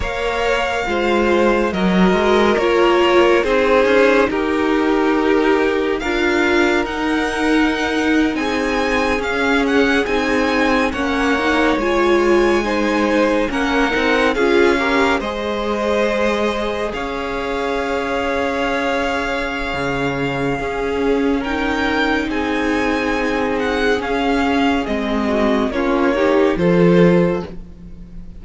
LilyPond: <<
  \new Staff \with { instrumentName = "violin" } { \time 4/4 \tempo 4 = 70 f''2 dis''4 cis''4 | c''4 ais'2 f''4 | fis''4.~ fis''16 gis''4 f''8 fis''8 gis''16~ | gis''8. fis''4 gis''2 fis''16~ |
fis''8. f''4 dis''2 f''16~ | f''1~ | f''4 g''4 gis''4. fis''8 | f''4 dis''4 cis''4 c''4 | }
  \new Staff \with { instrumentName = "violin" } { \time 4/4 cis''4 c''4 ais'2 | gis'4 g'2 ais'4~ | ais'4.~ ais'16 gis'2~ gis'16~ | gis'8. cis''2 c''4 ais'16~ |
ais'8. gis'8 ais'8 c''2 cis''16~ | cis''1 | gis'4 ais'4 gis'2~ | gis'4. fis'8 f'8 g'8 a'4 | }
  \new Staff \with { instrumentName = "viola" } { \time 4/4 ais'4 f'4 fis'4 f'4 | dis'2. f'4 | dis'2~ dis'8. cis'4 dis'16~ | dis'8. cis'8 dis'8 f'4 dis'4 cis'16~ |
cis'16 dis'8 f'8 g'8 gis'2~ gis'16~ | gis'1 | cis'4 dis'2. | cis'4 c'4 cis'8 dis'8 f'4 | }
  \new Staff \with { instrumentName = "cello" } { \time 4/4 ais4 gis4 fis8 gis8 ais4 | c'8 cis'8 dis'2 d'4 | dis'4.~ dis'16 c'4 cis'4 c'16~ | c'8. ais4 gis2 ais16~ |
ais16 c'8 cis'4 gis2 cis'16~ | cis'2. cis4 | cis'2 c'2 | cis'4 gis4 ais4 f4 | }
>>